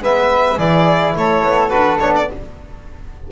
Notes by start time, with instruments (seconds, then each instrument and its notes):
0.00 double bass G#3, trombone B3, flute B4, violin E5
0.57 double bass E3, trombone E4, flute G#4, violin D5
1.16 double bass A3, flute A4, violin C#5
1.43 double bass B3
1.70 double bass D4, trombone F#4, violin B4
2.00 double bass B3, trombone D4, violin C#5
2.16 violin D5